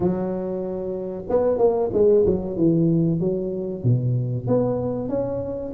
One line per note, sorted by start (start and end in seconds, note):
0.00 1.24 F#3
1.29 1.58 B3
1.58 1.90 A#3
1.93 2.25 G#3
2.26 2.56 F#3
2.56 3.20 E3
3.20 3.83 F#3
3.83 4.47 B2
4.47 5.09 B3
5.09 5.72 C#4